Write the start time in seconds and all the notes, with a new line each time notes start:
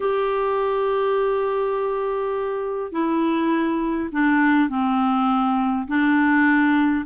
0.00 G4
2.91 E4
4.11 D4
4.69 C4
5.87 D4